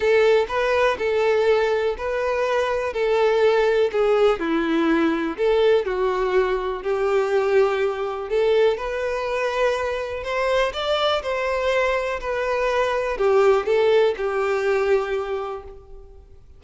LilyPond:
\new Staff \with { instrumentName = "violin" } { \time 4/4 \tempo 4 = 123 a'4 b'4 a'2 | b'2 a'2 | gis'4 e'2 a'4 | fis'2 g'2~ |
g'4 a'4 b'2~ | b'4 c''4 d''4 c''4~ | c''4 b'2 g'4 | a'4 g'2. | }